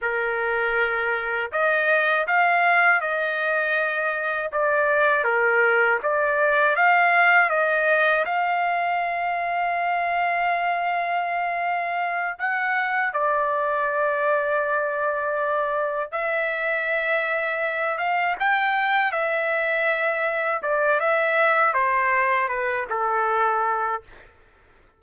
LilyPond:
\new Staff \with { instrumentName = "trumpet" } { \time 4/4 \tempo 4 = 80 ais'2 dis''4 f''4 | dis''2 d''4 ais'4 | d''4 f''4 dis''4 f''4~ | f''1~ |
f''8 fis''4 d''2~ d''8~ | d''4. e''2~ e''8 | f''8 g''4 e''2 d''8 | e''4 c''4 b'8 a'4. | }